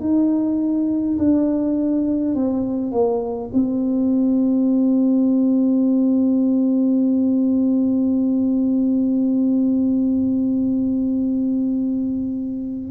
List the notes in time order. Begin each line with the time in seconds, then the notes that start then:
0.00 D#4
1.19 D4
2.35 C4
2.91 A#3
3.53 C4